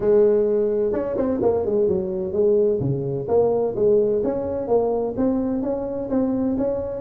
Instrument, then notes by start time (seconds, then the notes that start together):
tuba
0.00 G#3
0.92 C#4
1.17 C4
1.42 A#3
1.65 G#3
1.87 F#3
2.32 G#3
2.80 C#3
3.28 A#3
3.75 G#3
4.23 C#4
4.67 A#3
5.16 C4
5.62 C#4
6.09 C4
6.57 C#4